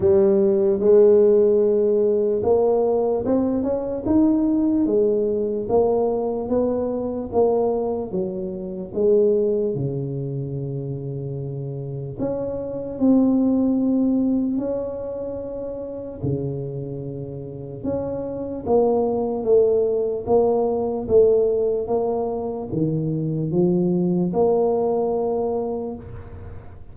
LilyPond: \new Staff \with { instrumentName = "tuba" } { \time 4/4 \tempo 4 = 74 g4 gis2 ais4 | c'8 cis'8 dis'4 gis4 ais4 | b4 ais4 fis4 gis4 | cis2. cis'4 |
c'2 cis'2 | cis2 cis'4 ais4 | a4 ais4 a4 ais4 | dis4 f4 ais2 | }